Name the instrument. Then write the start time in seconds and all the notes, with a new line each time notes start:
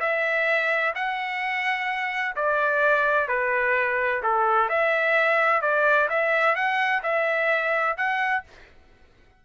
trumpet
0.00 E5
0.95 F#5
2.36 D5
3.29 B4
4.23 A4
4.69 E5
5.62 D5
6.09 E5
6.56 F#5
7.03 E5
7.97 F#5